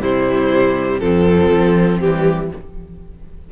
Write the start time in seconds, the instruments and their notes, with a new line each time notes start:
0.00 cello C3, viola G3, violin E4 C5
0.99 cello F2, viola F3, violin C4 A4
1.52 cello F3
2.00 cello E3, viola G3, violin G4